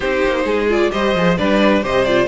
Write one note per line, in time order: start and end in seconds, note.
0.00 0.23 C4
0.00 0.69 D#4
0.00 0.43 G4
0.00 0.67 C5
0.25 0.44 A#3
0.44 0.90 G#3
0.44 0.91 G#4
0.69 0.91 F4
0.69 0.91 D5
0.91 1.15 G3
0.91 1.14 G4
0.91 1.38 C5
0.91 1.36 D#5
1.15 1.37 F3
1.15 1.37 G#4
1.37 1.84 G3
1.37 1.82 D4
1.37 1.83 B4
1.37 1.83 D5
1.82 2.27 C3
1.82 2.05 G4
1.82 2.27 C5
1.82 2.04 D#5
2.04 2.27 F4
2.04 2.27 D5